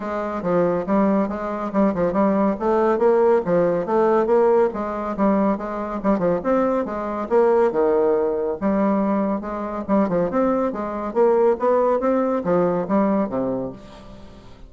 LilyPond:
\new Staff \with { instrumentName = "bassoon" } { \time 4/4 \tempo 4 = 140 gis4 f4 g4 gis4 | g8 f8 g4 a4 ais4 | f4 a4 ais4 gis4 | g4 gis4 g8 f8 c'4 |
gis4 ais4 dis2 | g2 gis4 g8 f8 | c'4 gis4 ais4 b4 | c'4 f4 g4 c4 | }